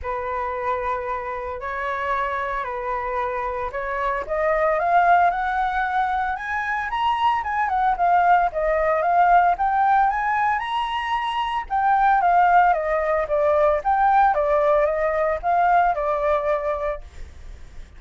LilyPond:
\new Staff \with { instrumentName = "flute" } { \time 4/4 \tempo 4 = 113 b'2. cis''4~ | cis''4 b'2 cis''4 | dis''4 f''4 fis''2 | gis''4 ais''4 gis''8 fis''8 f''4 |
dis''4 f''4 g''4 gis''4 | ais''2 g''4 f''4 | dis''4 d''4 g''4 d''4 | dis''4 f''4 d''2 | }